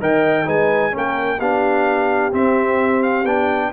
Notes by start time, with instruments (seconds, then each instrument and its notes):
0.00 tuba D#3, trombone A#4, horn D#5, trumpet G5
0.45 tuba G#3, trombone D#4, horn B4, trumpet G#5
0.91 tuba A#3, trombone C#4, horn A#4
0.98 trumpet G5
1.38 tuba B3, trombone D4, horn G4, trumpet F5
2.32 trombone C4, tuba C4, trumpet E5
3.03 trumpet F5
3.25 tuba B3, trombone D4, trumpet G5